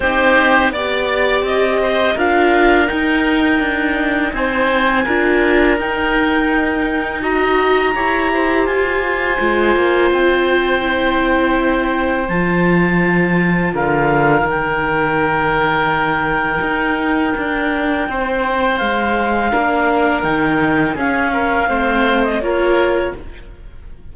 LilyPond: <<
  \new Staff \with { instrumentName = "clarinet" } { \time 4/4 \tempo 4 = 83 c''4 d''4 dis''4 f''4 | g''2 gis''2 | g''2 ais''2 | gis''2 g''2~ |
g''4 a''2 f''4 | g''1~ | g''2 f''2 | g''4 f''4.~ f''16 dis''16 cis''4 | }
  \new Staff \with { instrumentName = "oboe" } { \time 4/4 g'4 d''4. c''8 ais'4~ | ais'2 c''4 ais'4~ | ais'2 dis''4 cis''8 c''8~ | c''1~ |
c''2. ais'4~ | ais'1~ | ais'4 c''2 ais'4~ | ais'4 gis'8 ais'8 c''4 ais'4 | }
  \new Staff \with { instrumentName = "viola" } { \time 4/4 dis'4 g'2 f'4 | dis'2. f'4 | dis'2 fis'4 g'4~ | g'4 f'2 e'4~ |
e'4 f'2. | dis'1~ | dis'2. d'4 | dis'4 cis'4 c'4 f'4 | }
  \new Staff \with { instrumentName = "cello" } { \time 4/4 c'4 b4 c'4 d'4 | dis'4 d'4 c'4 d'4 | dis'2. e'4 | f'4 gis8 ais8 c'2~ |
c'4 f2 d4 | dis2. dis'4 | d'4 c'4 gis4 ais4 | dis4 cis'4 a4 ais4 | }
>>